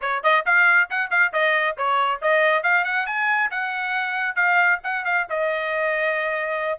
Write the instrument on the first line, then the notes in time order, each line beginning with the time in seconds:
trumpet
0.01 C#5
0.23 D#5
0.45 F5
0.90 F#5
1.10 F5
1.33 D#5
1.77 C#5
2.21 D#5
2.63 F5
2.84 F#5
3.06 G#5
3.50 F#5
4.35 F5
4.83 F#5
5.04 F5
5.29 D#5